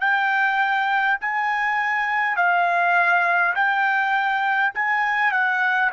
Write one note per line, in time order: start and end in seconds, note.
0.00 1.18 G5
1.21 2.36 G#5
2.36 3.54 F5
3.55 4.73 G5
4.74 5.32 G#5
5.32 5.90 F#5